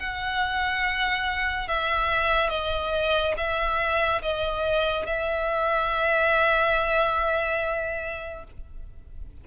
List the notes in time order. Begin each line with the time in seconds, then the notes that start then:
0.00 F#5
1.69 E5
2.50 D#5
3.38 E5
4.23 D#5
5.07 E5